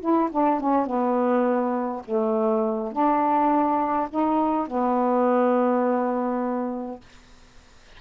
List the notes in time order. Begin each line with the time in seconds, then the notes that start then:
0.00 E4
0.31 D4
0.60 C#4
0.86 B3
2.05 A3
2.92 D4
4.10 D#4
4.67 B3